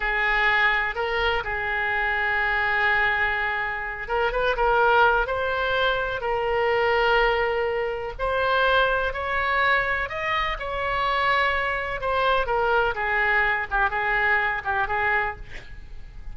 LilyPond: \new Staff \with { instrumentName = "oboe" } { \time 4/4 \tempo 4 = 125 gis'2 ais'4 gis'4~ | gis'1~ | gis'8 ais'8 b'8 ais'4. c''4~ | c''4 ais'2.~ |
ais'4 c''2 cis''4~ | cis''4 dis''4 cis''2~ | cis''4 c''4 ais'4 gis'4~ | gis'8 g'8 gis'4. g'8 gis'4 | }